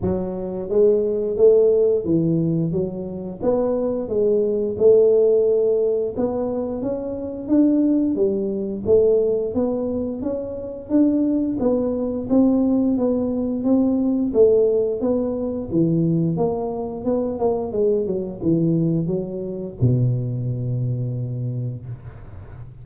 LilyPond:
\new Staff \with { instrumentName = "tuba" } { \time 4/4 \tempo 4 = 88 fis4 gis4 a4 e4 | fis4 b4 gis4 a4~ | a4 b4 cis'4 d'4 | g4 a4 b4 cis'4 |
d'4 b4 c'4 b4 | c'4 a4 b4 e4 | ais4 b8 ais8 gis8 fis8 e4 | fis4 b,2. | }